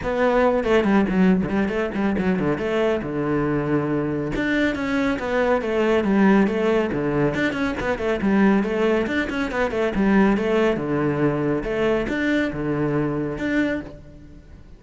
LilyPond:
\new Staff \with { instrumentName = "cello" } { \time 4/4 \tempo 4 = 139 b4. a8 g8 fis8. d16 g8 | a8 g8 fis8 d8 a4 d4~ | d2 d'4 cis'4 | b4 a4 g4 a4 |
d4 d'8 cis'8 b8 a8 g4 | a4 d'8 cis'8 b8 a8 g4 | a4 d2 a4 | d'4 d2 d'4 | }